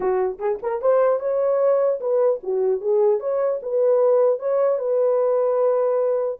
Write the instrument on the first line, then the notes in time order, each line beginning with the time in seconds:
horn
0.00 F#4
0.39 G#4
0.62 A#4
0.81 C5
1.19 C#5
2.00 B4
2.43 F#4
2.80 G#4
3.20 C#5
3.62 B4
4.39 C#5
4.79 B4